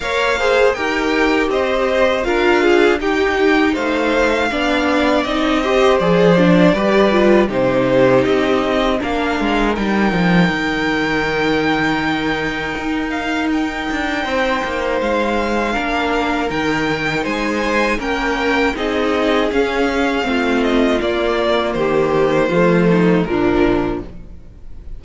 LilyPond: <<
  \new Staff \with { instrumentName = "violin" } { \time 4/4 \tempo 4 = 80 f''4 g''4 dis''4 f''4 | g''4 f''2 dis''4 | d''2 c''4 dis''4 | f''4 g''2.~ |
g''4. f''8 g''2 | f''2 g''4 gis''4 | g''4 dis''4 f''4. dis''8 | d''4 c''2 ais'4 | }
  \new Staff \with { instrumentName = "violin" } { \time 4/4 cis''8 c''8 ais'4 c''4 ais'8 gis'8 | g'4 c''4 d''4. c''8~ | c''4 b'4 g'2 | ais'1~ |
ais'2. c''4~ | c''4 ais'2 c''4 | ais'4 gis'2 f'4~ | f'4 g'4 f'8 dis'8 d'4 | }
  \new Staff \with { instrumentName = "viola" } { \time 4/4 ais'8 gis'8 g'2 f'4 | dis'2 d'4 dis'8 g'8 | gis'8 d'8 g'8 f'8 dis'2 | d'4 dis'2.~ |
dis'1~ | dis'4 d'4 dis'2 | cis'4 dis'4 cis'4 c'4 | ais2 a4 f4 | }
  \new Staff \with { instrumentName = "cello" } { \time 4/4 ais4 dis'4 c'4 d'4 | dis'4 a4 b4 c'4 | f4 g4 c4 c'4 | ais8 gis8 g8 f8 dis2~ |
dis4 dis'4. d'8 c'8 ais8 | gis4 ais4 dis4 gis4 | ais4 c'4 cis'4 a4 | ais4 dis4 f4 ais,4 | }
>>